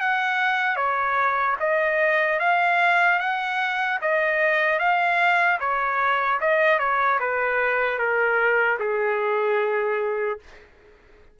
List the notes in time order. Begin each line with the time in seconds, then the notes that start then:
0.00 F#5
0.76 C#5
1.60 D#5
2.39 F5
3.19 F#5
4.01 D#5
4.79 F5
5.60 C#5
6.40 D#5
6.79 C#5
7.20 B4
7.98 A#4
8.79 G#4